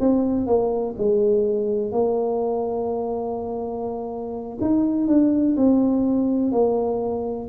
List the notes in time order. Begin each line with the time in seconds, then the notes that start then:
0.00 C4
0.47 A#3
0.98 G#3
1.92 A#3
4.61 D#4
5.08 D4
5.57 C4
6.52 A#3